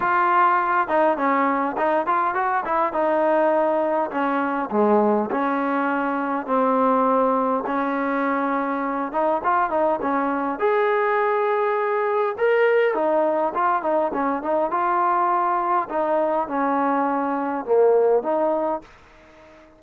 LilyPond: \new Staff \with { instrumentName = "trombone" } { \time 4/4 \tempo 4 = 102 f'4. dis'8 cis'4 dis'8 f'8 | fis'8 e'8 dis'2 cis'4 | gis4 cis'2 c'4~ | c'4 cis'2~ cis'8 dis'8 |
f'8 dis'8 cis'4 gis'2~ | gis'4 ais'4 dis'4 f'8 dis'8 | cis'8 dis'8 f'2 dis'4 | cis'2 ais4 dis'4 | }